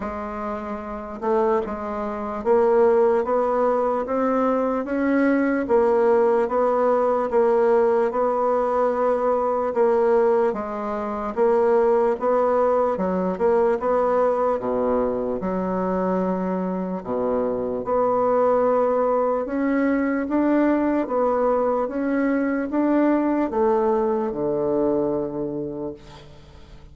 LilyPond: \new Staff \with { instrumentName = "bassoon" } { \time 4/4 \tempo 4 = 74 gis4. a8 gis4 ais4 | b4 c'4 cis'4 ais4 | b4 ais4 b2 | ais4 gis4 ais4 b4 |
fis8 ais8 b4 b,4 fis4~ | fis4 b,4 b2 | cis'4 d'4 b4 cis'4 | d'4 a4 d2 | }